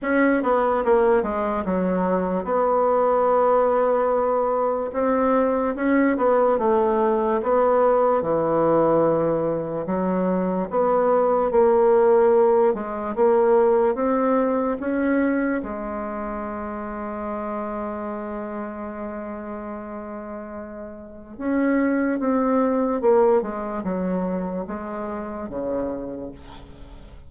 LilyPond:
\new Staff \with { instrumentName = "bassoon" } { \time 4/4 \tempo 4 = 73 cis'8 b8 ais8 gis8 fis4 b4~ | b2 c'4 cis'8 b8 | a4 b4 e2 | fis4 b4 ais4. gis8 |
ais4 c'4 cis'4 gis4~ | gis1~ | gis2 cis'4 c'4 | ais8 gis8 fis4 gis4 cis4 | }